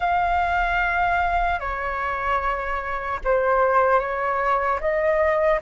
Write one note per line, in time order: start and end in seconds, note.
0.00 1.59 F5
1.59 3.19 C#5
3.24 3.99 C5
3.99 4.79 C#5
4.80 5.60 D#5